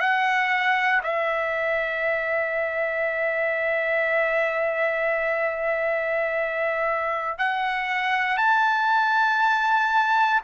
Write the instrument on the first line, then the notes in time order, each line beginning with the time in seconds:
trumpet
0.00 F#5
1.04 E5
7.39 F#5
8.38 A5